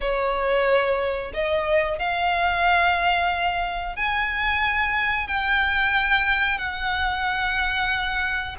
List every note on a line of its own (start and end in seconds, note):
0.00 1.32 C#5
1.33 1.98 D#5
1.98 3.96 F5
3.96 5.27 G#5
5.27 6.58 G5
6.58 8.55 F#5